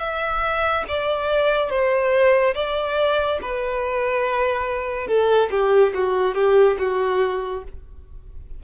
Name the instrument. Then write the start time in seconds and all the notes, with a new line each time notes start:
violin
0.00 E5
0.89 D5
1.70 C5
2.55 D5
3.42 B4
5.08 A4
5.51 G4
5.95 F#4
6.35 G4
6.79 F#4